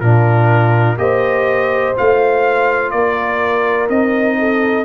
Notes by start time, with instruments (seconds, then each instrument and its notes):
0.00 tuba A#2, trombone D4, horn F4, trumpet A#4
0.98 tuba A#3, trombone G4, horn C5, trumpet D#5
1.95 tuba A3, trombone F4, trumpet F5
2.91 tuba A#3, horn A#4, trumpet D5
3.89 tuba C4, trombone D#4, trumpet D#5
4.39 horn A4